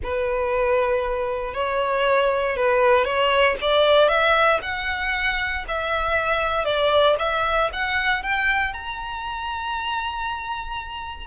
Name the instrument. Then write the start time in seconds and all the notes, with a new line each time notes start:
violin
0.03 B4
1.54 C#5
2.56 B4
3.04 C#5
3.61 D5
4.08 E5
4.62 F#5
5.68 E5
6.64 D5
7.19 E5
7.72 F#5
8.22 G5
8.73 A#5